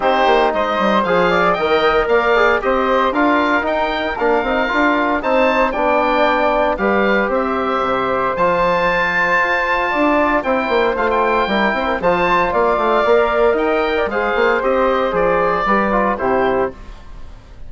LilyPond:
<<
  \new Staff \with { instrumentName = "oboe" } { \time 4/4 \tempo 4 = 115 c''4 dis''4 f''4 g''4 | f''4 dis''4 f''4 g''4 | f''2 a''4 g''4~ | g''4 f''4 e''2 |
a''1 | g''4 f''16 g''4.~ g''16 a''4 | f''2 g''4 f''4 | dis''4 d''2 c''4 | }
  \new Staff \with { instrumentName = "flute" } { \time 4/4 g'4 c''4. d''8 dis''4 | d''4 c''4 ais'2~ | ais'2 c''4 d''4~ | d''4 b'4 c''2~ |
c''2. d''4 | c''2 ais'8 c''16 ais'16 c''4 | d''2 dis''8. d''16 c''4~ | c''2 b'4 g'4 | }
  \new Staff \with { instrumentName = "trombone" } { \time 4/4 dis'2 gis'4 ais'4~ | ais'8 gis'8 g'4 f'4 dis'4 | d'8 dis'8 f'4 dis'4 d'4~ | d'4 g'2. |
f'1 | e'4 f'4 e'4 f'4~ | f'4 ais'2 gis'4 | g'4 gis'4 g'8 f'8 e'4 | }
  \new Staff \with { instrumentName = "bassoon" } { \time 4/4 c'8 ais8 gis8 g8 f4 dis4 | ais4 c'4 d'4 dis'4 | ais8 c'8 d'4 c'4 b4~ | b4 g4 c'4 c4 |
f2 f'4 d'4 | c'8 ais8 a4 g8 c'8 f4 | ais8 a8 ais4 dis'4 gis8 ais8 | c'4 f4 g4 c4 | }
>>